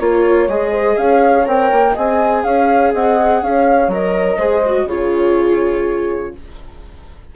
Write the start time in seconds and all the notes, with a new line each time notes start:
0.00 A#3 F4 A#4 C#5
0.27 C#5
0.48 G#3 G#4 D#5
0.72 C5
0.98 C#4 C#5 F5
1.46 C4 A#4 G5
1.72 A#3
1.93 C4 G#4 D#5 G#5
2.44 C#4 C#5 F5
2.94 C4 D#5 F#5
3.43 C#4 C#5 F5
3.88 F#3 A#4 D#5
4.37 G#3 G#4 C5
4.66 F#4
4.85 C#3 F4 G#4 C#5